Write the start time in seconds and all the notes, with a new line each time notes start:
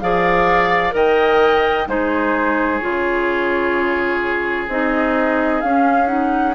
0.00 F3 G#4 D5 F5
0.91 D#3 A#4 D#5 G5
1.88 G#3 D#4 G#4 C5
2.78 C#3 F4 C#5
4.68 C4 D#4 D#5
5.61 C#4 F5
6.07 D#4 F#5